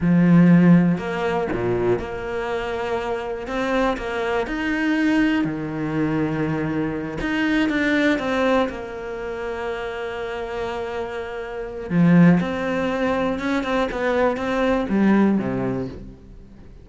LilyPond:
\new Staff \with { instrumentName = "cello" } { \time 4/4 \tempo 4 = 121 f2 ais4 ais,4 | ais2. c'4 | ais4 dis'2 dis4~ | dis2~ dis8 dis'4 d'8~ |
d'8 c'4 ais2~ ais8~ | ais1 | f4 c'2 cis'8 c'8 | b4 c'4 g4 c4 | }